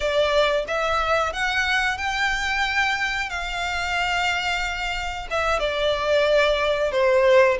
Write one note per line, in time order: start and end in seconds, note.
0.00 0.65 D5
0.67 1.32 E5
1.32 1.98 F#5
1.98 3.29 G5
3.29 5.27 F5
5.30 5.59 E5
5.59 6.91 D5
6.91 7.57 C5